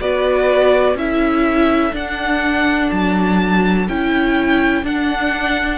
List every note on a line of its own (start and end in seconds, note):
0.00 0.94 B3
0.00 0.97 F#4
0.00 0.99 B4
0.00 0.97 D5
0.94 1.91 C#4
0.94 1.92 E4
0.94 5.77 A4
0.94 1.95 E5
1.92 3.85 D4
1.92 2.90 D4
1.92 2.90 F#5
2.90 3.88 F#3
2.90 3.87 A5
3.88 4.82 C#4
3.88 4.84 E4
3.88 4.85 G5
4.82 5.77 D4
4.82 5.77 F#5